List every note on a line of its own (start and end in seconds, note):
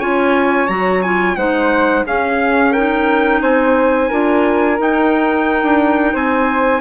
0.00 0.69 C#4
0.00 0.69 F4
0.00 1.36 C#5
0.00 0.68 G#5
0.68 1.37 F#3
0.68 1.03 F#4
0.68 1.02 A#5
1.02 1.37 F4
1.02 1.36 G#5
1.36 2.05 G#3
1.36 2.06 D#4
1.36 2.06 C5
1.36 2.04 F#5
2.06 3.42 C#4
2.06 2.74 C#4
2.06 2.72 G#4
2.06 2.73 F5
2.72 4.11 D#4
2.72 3.40 A#4
2.72 3.41 G5
3.42 4.10 C4
3.42 4.09 C5
3.42 4.79 G#5
4.09 4.80 D4
4.09 4.78 F4
4.09 6.13 A#4
4.78 6.82 D#4
4.78 5.63 D#4
4.78 6.16 G5
5.63 6.14 D4
6.13 6.82 C4
6.13 6.81 C5
6.13 6.82 G#5